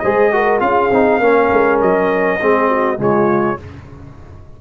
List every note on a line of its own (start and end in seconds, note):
0.00 0.61 G#3
0.00 0.33 G#4
0.00 0.33 C5
0.00 0.59 D#5
0.33 0.60 F#4
0.33 0.64 A#4
0.60 0.91 C#4
0.60 0.90 F4
0.60 1.22 G#4
0.60 1.80 F5
0.91 1.20 C4
0.91 1.22 D#4
1.20 1.49 A#3
1.20 2.40 C#4
1.20 2.40 A#4
1.53 1.82 G#3
1.82 2.41 F#3
1.82 3.01 D#5
2.41 2.99 G#3
2.41 2.98 C4
2.41 2.69 G#4
2.69 2.99 F#4
2.98 3.59 C#3
2.98 3.58 G#3
2.98 3.59 F4
2.98 3.61 C#5